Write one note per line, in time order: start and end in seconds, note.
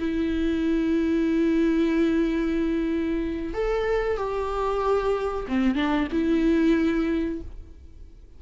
0.00 3.54 E4
3.54 4.17 A4
4.17 5.46 G4
5.48 5.75 C4
5.75 6.08 D4
6.12 7.41 E4